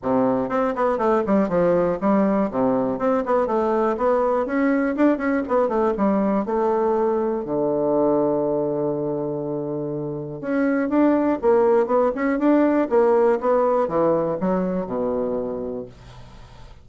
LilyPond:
\new Staff \with { instrumentName = "bassoon" } { \time 4/4 \tempo 4 = 121 c4 c'8 b8 a8 g8 f4 | g4 c4 c'8 b8 a4 | b4 cis'4 d'8 cis'8 b8 a8 | g4 a2 d4~ |
d1~ | d4 cis'4 d'4 ais4 | b8 cis'8 d'4 ais4 b4 | e4 fis4 b,2 | }